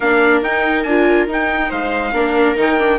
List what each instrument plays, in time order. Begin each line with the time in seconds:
0.00 bassoon A#3, viola D4 A#4, trumpet F5
0.42 bassoon D#4, viola D#4, trumpet G5
0.83 bassoon D4, viola F4, trumpet G#5
1.27 bassoon D#4, viola D#4, trumpet G5
1.69 bassoon G#3, viola C5, trumpet F5
2.12 bassoon A#3, viola D4 A#4
2.56 bassoon D#3, viola D#4, trumpet G5
2.78 viola D4